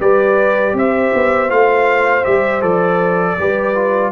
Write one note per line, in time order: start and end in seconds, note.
0.00 0.73 G3
0.00 1.48 G4
0.00 0.75 B4
0.00 0.76 D5
0.73 1.11 C4
0.73 3.39 C5
0.73 1.50 E5
1.14 1.51 B3
1.48 2.26 A3
1.48 2.23 F4
1.48 2.25 F5
2.24 2.63 G3
2.24 2.61 G4
2.24 2.62 E5
2.61 3.38 F3
2.61 3.36 A4
2.61 4.12 D5
3.39 4.12 G3
3.39 3.75 G4
3.39 4.12 B4
3.75 4.12 F4